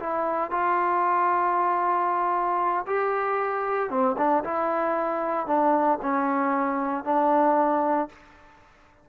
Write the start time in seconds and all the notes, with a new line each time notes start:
0.00 E4
0.51 F4
2.87 G4
3.90 C4
4.18 D4
4.44 E4
5.47 D4
6.02 C#4
7.05 D4